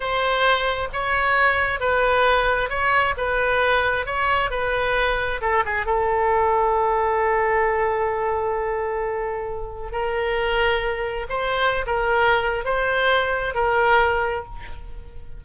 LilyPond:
\new Staff \with { instrumentName = "oboe" } { \time 4/4 \tempo 4 = 133 c''2 cis''2 | b'2 cis''4 b'4~ | b'4 cis''4 b'2 | a'8 gis'8 a'2.~ |
a'1~ | a'2 ais'2~ | ais'4 c''4~ c''16 ais'4.~ ais'16 | c''2 ais'2 | }